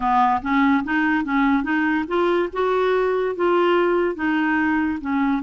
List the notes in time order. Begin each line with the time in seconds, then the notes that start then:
0.00 B3
0.42 C#4
0.83 D#4
1.24 C#4
1.62 D#4
2.07 F4
2.52 F#4
3.35 F4
4.15 D#4
5.00 C#4